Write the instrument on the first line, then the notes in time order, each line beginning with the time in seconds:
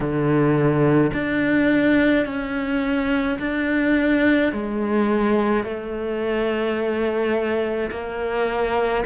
cello
0.00 D3
1.13 D4
2.25 C#4
3.39 D4
4.52 G#3
5.63 A3
7.90 A#3